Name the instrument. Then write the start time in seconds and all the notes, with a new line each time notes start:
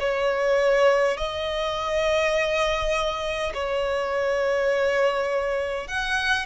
violin
0.00 C#5
1.18 D#5
3.55 C#5
5.88 F#5